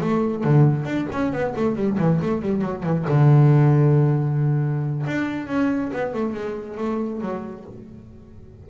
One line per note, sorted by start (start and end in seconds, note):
0.00 0.43 A3
0.43 0.85 D3
0.85 1.07 D4
1.12 1.32 C#4
1.32 1.54 B3
1.55 1.75 A3
1.75 1.97 G3
1.98 2.20 E3
2.21 2.41 A3
2.41 2.61 G3
2.61 2.82 F#3
2.82 3.04 E3
3.08 5.05 D3
5.06 5.47 D4
5.47 5.90 C#4
5.92 6.13 B3
6.13 6.33 A3
6.33 6.77 G#3
6.77 7.20 A3
7.20 7.64 F#3